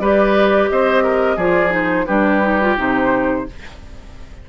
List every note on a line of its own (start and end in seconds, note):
0.00 0.69 G3
0.00 1.40 G4
0.00 0.71 B4
0.00 0.69 D5
0.70 1.37 C4
0.70 1.04 C5
0.70 1.39 D#5
1.04 1.36 A#4
1.36 2.06 F3
1.36 1.70 F4
1.36 2.05 G#4
1.36 1.73 D5
1.70 2.05 D#4
1.70 2.06 C5
2.06 2.78 G3
2.06 2.42 D4
2.06 3.45 G4
2.06 2.75 B4
2.42 2.60 D#4
2.62 2.78 F4
2.78 3.47 C3
2.78 3.47 D#4
2.78 3.49 C5